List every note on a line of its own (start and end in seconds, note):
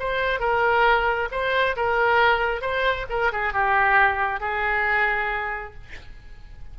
0.00 0.40 C5
0.40 1.29 A#4
1.32 1.76 C5
1.77 2.62 A#4
2.62 3.06 C5
3.10 3.32 A#4
3.33 3.54 G#4
3.54 4.41 G4
4.41 5.74 G#4